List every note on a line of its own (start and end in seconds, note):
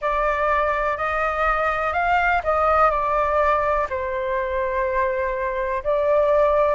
0.00 0.97 D5
0.97 1.93 D#5
1.93 2.41 F5
2.43 2.90 D#5
2.90 3.87 D5
3.89 5.83 C5
5.83 6.75 D5